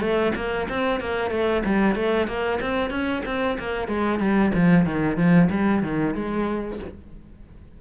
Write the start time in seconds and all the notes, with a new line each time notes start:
0.00 A3
0.35 A#3
0.69 C4
1.00 A#3
1.30 A3
1.65 G3
1.95 A3
2.27 A#3
2.61 C4
2.90 C#4
3.25 C4
3.59 A#3
3.88 G#3
4.19 G3
4.54 F3
4.85 D#3
5.16 F3
5.50 G3
5.82 D#3
6.14 G#3